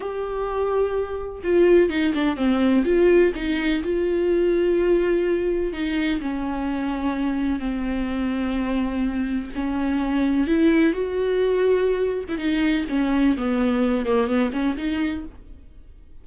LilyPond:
\new Staff \with { instrumentName = "viola" } { \time 4/4 \tempo 4 = 126 g'2. f'4 | dis'8 d'8 c'4 f'4 dis'4 | f'1 | dis'4 cis'2. |
c'1 | cis'2 e'4 fis'4~ | fis'4.~ fis'16 e'16 dis'4 cis'4 | b4. ais8 b8 cis'8 dis'4 | }